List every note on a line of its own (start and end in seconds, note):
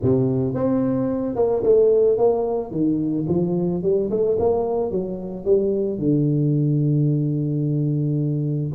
0.02 0.54 C3
0.54 1.35 C4
1.35 1.62 A#3
1.63 2.17 A3
2.17 2.71 A#3
2.71 3.26 D#3
3.28 3.82 F3
3.82 4.10 G3
4.10 4.37 A3
4.39 4.91 A#3
4.91 5.44 F#3
5.44 5.99 G3
5.99 8.71 D3